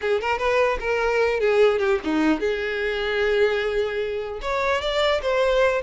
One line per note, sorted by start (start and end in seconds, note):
0.01 0.21 G#4
0.21 0.38 A#4
0.38 0.78 B4
0.80 1.40 A#4
1.40 1.79 G#4
1.79 1.99 G4
2.03 2.40 D#4
2.40 4.40 G#4
4.41 4.81 C#5
4.81 5.21 D5
5.22 5.82 C5